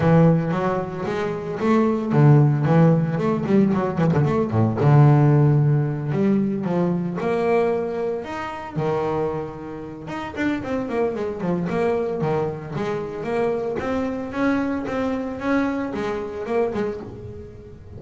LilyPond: \new Staff \with { instrumentName = "double bass" } { \time 4/4 \tempo 4 = 113 e4 fis4 gis4 a4 | d4 e4 a8 g8 fis8 e16 d16 | a8 a,8 d2~ d8 g8~ | g8 f4 ais2 dis'8~ |
dis'8 dis2~ dis8 dis'8 d'8 | c'8 ais8 gis8 f8 ais4 dis4 | gis4 ais4 c'4 cis'4 | c'4 cis'4 gis4 ais8 gis8 | }